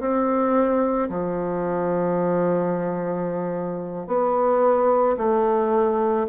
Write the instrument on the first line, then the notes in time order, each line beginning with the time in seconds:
bassoon
0.00 C4
1.09 F3
4.07 B3
5.17 A3